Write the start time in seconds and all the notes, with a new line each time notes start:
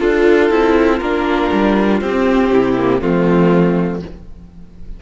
0.00 D4 F4 A4
0.50 C4 E4
0.99 A#3 D4 A#4
1.52 G3
2.01 C4 G4
2.52 C3 E4
2.78 A#3
3.00 F3 A3 C4 F4